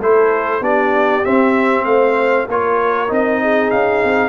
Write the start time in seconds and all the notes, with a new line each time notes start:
0.00 A3 E4 A4 C5
0.61 B3 D4 G4 D5
1.24 C4 E5
1.84 A3 C5 F5
2.48 A#3 F4 A#4 C#5
3.08 C4 D#4 D#5
3.42 G#4
3.70 C#4 F5
4.04 C4